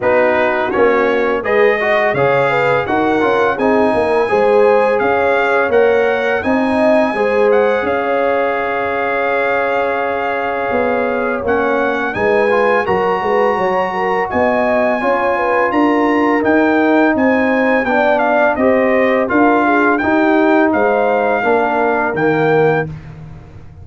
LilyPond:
<<
  \new Staff \with { instrumentName = "trumpet" } { \time 4/4 \tempo 4 = 84 b'4 cis''4 dis''4 f''4 | fis''4 gis''2 f''4 | fis''4 gis''4. fis''8 f''4~ | f''1 |
fis''4 gis''4 ais''2 | gis''2 ais''4 g''4 | gis''4 g''8 f''8 dis''4 f''4 | g''4 f''2 g''4 | }
  \new Staff \with { instrumentName = "horn" } { \time 4/4 fis'2 b'8 dis''8 cis''8 b'8 | ais'4 gis'8 ais'8 c''4 cis''4~ | cis''4 dis''4 c''4 cis''4~ | cis''1~ |
cis''4 b'4 ais'8 b'8 cis''8 ais'8 | dis''4 cis''8 b'8 ais'2 | c''4 d''4 c''4 ais'8 gis'8 | g'4 c''4 ais'2 | }
  \new Staff \with { instrumentName = "trombone" } { \time 4/4 dis'4 cis'4 gis'8 fis'8 gis'4 | fis'8 f'8 dis'4 gis'2 | ais'4 dis'4 gis'2~ | gis'1 |
cis'4 dis'8 f'8 fis'2~ | fis'4 f'2 dis'4~ | dis'4 d'4 g'4 f'4 | dis'2 d'4 ais4 | }
  \new Staff \with { instrumentName = "tuba" } { \time 4/4 b4 ais4 gis4 cis4 | dis'8 cis'8 c'8 ais8 gis4 cis'4 | ais4 c'4 gis4 cis'4~ | cis'2. b4 |
ais4 gis4 fis8 gis8 fis4 | b4 cis'4 d'4 dis'4 | c'4 b4 c'4 d'4 | dis'4 gis4 ais4 dis4 | }
>>